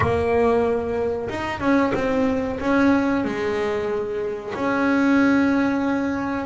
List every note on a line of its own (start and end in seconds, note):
0.00 1.28 A#3
1.29 1.60 D#4
1.60 1.92 C#4
1.94 2.59 C4
2.60 3.24 C#4
3.24 4.53 G#3
4.54 6.45 C#4